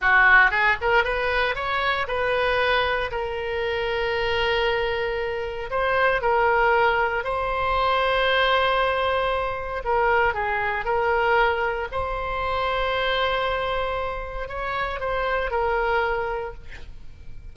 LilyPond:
\new Staff \with { instrumentName = "oboe" } { \time 4/4 \tempo 4 = 116 fis'4 gis'8 ais'8 b'4 cis''4 | b'2 ais'2~ | ais'2. c''4 | ais'2 c''2~ |
c''2. ais'4 | gis'4 ais'2 c''4~ | c''1 | cis''4 c''4 ais'2 | }